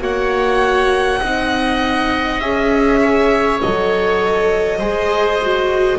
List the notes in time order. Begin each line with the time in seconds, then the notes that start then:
0.00 A#3 F#4 C#5 F#5
1.20 C4 D#4 D#5
2.40 C#4 G#4 E5
3.02 C#5
3.61 F#3 A4 D#5
4.78 G#3 G#4 C5
5.42 F#4